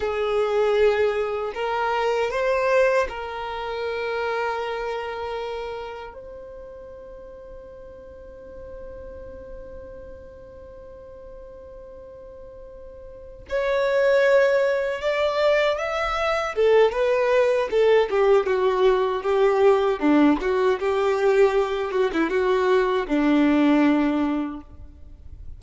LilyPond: \new Staff \with { instrumentName = "violin" } { \time 4/4 \tempo 4 = 78 gis'2 ais'4 c''4 | ais'1 | c''1~ | c''1~ |
c''4. cis''2 d''8~ | d''8 e''4 a'8 b'4 a'8 g'8 | fis'4 g'4 d'8 fis'8 g'4~ | g'8 fis'16 e'16 fis'4 d'2 | }